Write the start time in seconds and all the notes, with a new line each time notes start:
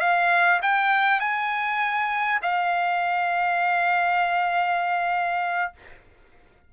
0.00 F5
0.62 G5
1.20 G#5
2.42 F5